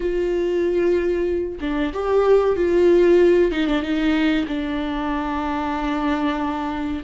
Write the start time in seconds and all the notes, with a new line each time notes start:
0.00 F4
1.60 D4
1.93 G4
2.56 F4
3.51 D#4
3.66 D4
3.82 D#4
4.47 D4